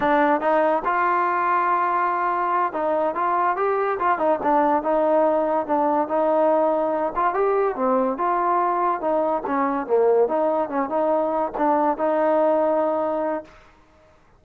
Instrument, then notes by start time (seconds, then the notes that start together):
trombone
0.00 D4
0.40 D#4
0.84 F4
2.72 D#4
3.14 F4
3.56 G4
3.99 F4
4.18 D#4
4.42 D4
4.82 D#4
5.66 D4
6.08 D#4
7.15 F4
7.34 G4
7.75 C4
8.17 F4
9.00 D#4
9.46 C#4
9.86 A#3
10.28 D#4
10.69 C#4
10.89 D#4
11.57 D4
11.97 D#4